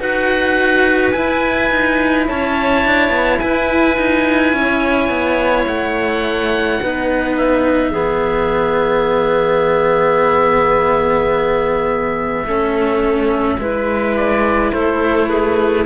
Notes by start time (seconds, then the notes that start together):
0.00 D#4 F#4 B4 F#5
1.12 E4 G#5
1.71 D#4
2.28 C#4 C#5 A5
2.86 D4
3.10 B3
3.39 E4 B4 G#5
3.98 D#4
4.53 C#4 C#5
5.09 B3
5.67 A3 F#5
6.82 B3 D#4 B4
7.37 E5
7.92 E3 B3 G#4
12.44 A3 C#4 A4
13.59 G#3 E4 B4
14.17 D5
14.72 A3 A4 C5
15.29 G#4 B4